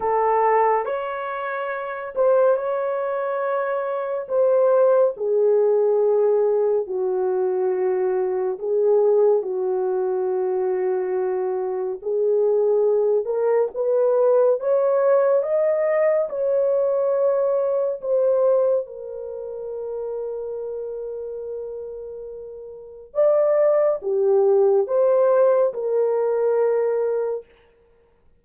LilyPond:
\new Staff \with { instrumentName = "horn" } { \time 4/4 \tempo 4 = 70 a'4 cis''4. c''8 cis''4~ | cis''4 c''4 gis'2 | fis'2 gis'4 fis'4~ | fis'2 gis'4. ais'8 |
b'4 cis''4 dis''4 cis''4~ | cis''4 c''4 ais'2~ | ais'2. d''4 | g'4 c''4 ais'2 | }